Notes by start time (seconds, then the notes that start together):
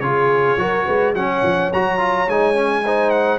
0.00 C#3 F4 G#4 C#5
0.57 F#3 F#4 A#4
0.85 G#3 B4
1.14 F#3 C#4 C#5 F#5
1.42 F3
1.73 F#3 F#4 A#5
1.98 F4
2.28 G#3 D#4 G#5
2.54 C#4
2.84 D#4 C5
3.10 F#5